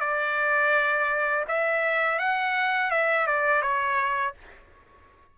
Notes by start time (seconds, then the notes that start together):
0.00 D5
1.48 E5
2.19 F#5
2.91 E5
3.27 D5
3.62 C#5